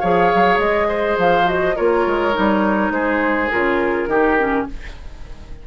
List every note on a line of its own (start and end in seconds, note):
0.00 0.33 F3
0.00 1.45 G#4
0.00 0.88 C#5
0.00 0.58 F5
0.35 0.59 F#3
0.59 1.17 G#3
0.59 1.17 D#5
0.89 1.76 C5
1.18 1.77 F3
1.18 1.49 F5
1.45 1.74 F#4
1.45 1.77 D#5
1.76 2.07 A#3
1.76 2.33 F4
1.76 2.93 A#4
1.76 2.93 C#5
2.07 2.36 G#3
2.33 2.91 G3
2.33 3.50 D#4
2.91 3.49 G#3
2.91 4.09 G#4
2.91 3.51 C5
3.51 4.07 C#3
3.51 4.09 F4
3.51 4.67 A#4
4.07 4.66 D#3
4.07 4.38 D#4
4.07 4.68 G4
4.38 4.68 C#4